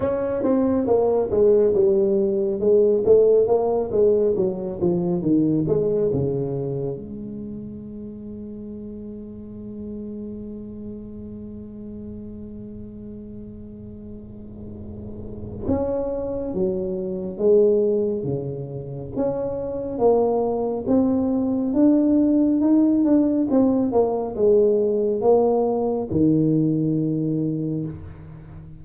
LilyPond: \new Staff \with { instrumentName = "tuba" } { \time 4/4 \tempo 4 = 69 cis'8 c'8 ais8 gis8 g4 gis8 a8 | ais8 gis8 fis8 f8 dis8 gis8 cis4 | gis1~ | gis1~ |
gis2 cis'4 fis4 | gis4 cis4 cis'4 ais4 | c'4 d'4 dis'8 d'8 c'8 ais8 | gis4 ais4 dis2 | }